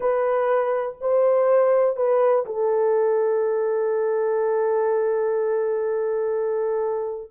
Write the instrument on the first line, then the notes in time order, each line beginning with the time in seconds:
horn
0.00 B4
1.00 C5
1.96 B4
2.45 A4